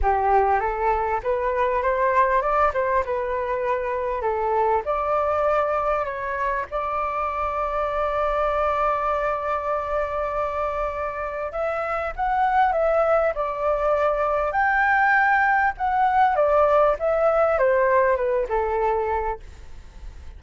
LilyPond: \new Staff \with { instrumentName = "flute" } { \time 4/4 \tempo 4 = 99 g'4 a'4 b'4 c''4 | d''8 c''8 b'2 a'4 | d''2 cis''4 d''4~ | d''1~ |
d''2. e''4 | fis''4 e''4 d''2 | g''2 fis''4 d''4 | e''4 c''4 b'8 a'4. | }